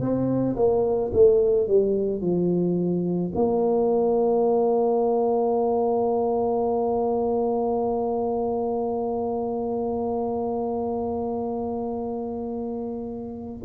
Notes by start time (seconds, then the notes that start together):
0.00 C4
0.57 A#3
1.14 A3
1.67 G3
2.21 F3
3.35 A#3